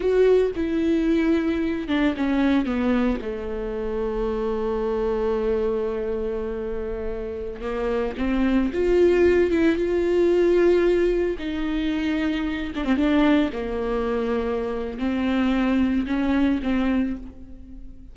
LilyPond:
\new Staff \with { instrumentName = "viola" } { \time 4/4 \tempo 4 = 112 fis'4 e'2~ e'8 d'8 | cis'4 b4 a2~ | a1~ | a2~ a16 ais4 c'8.~ |
c'16 f'4. e'8 f'4.~ f'16~ | f'4~ f'16 dis'2~ dis'8 d'16 | c'16 d'4 ais2~ ais8. | c'2 cis'4 c'4 | }